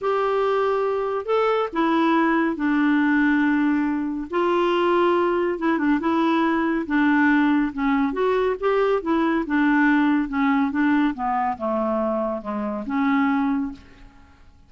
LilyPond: \new Staff \with { instrumentName = "clarinet" } { \time 4/4 \tempo 4 = 140 g'2. a'4 | e'2 d'2~ | d'2 f'2~ | f'4 e'8 d'8 e'2 |
d'2 cis'4 fis'4 | g'4 e'4 d'2 | cis'4 d'4 b4 a4~ | a4 gis4 cis'2 | }